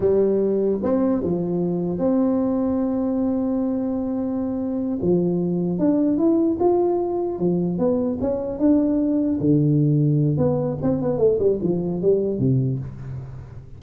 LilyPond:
\new Staff \with { instrumentName = "tuba" } { \time 4/4 \tempo 4 = 150 g2 c'4 f4~ | f4 c'2.~ | c'1~ | c'8 f2 d'4 e'8~ |
e'8 f'2 f4 b8~ | b8 cis'4 d'2 d8~ | d2 b4 c'8 b8 | a8 g8 f4 g4 c4 | }